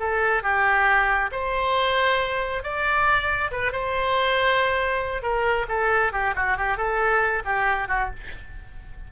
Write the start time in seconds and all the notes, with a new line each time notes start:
0.00 A4
0.43 G4
1.32 C5
2.64 D5
3.51 B4
3.72 C5
5.23 A#4
5.69 A4
6.13 G4
6.36 F#4
6.58 G4
6.78 A4
7.45 G4
7.88 F#4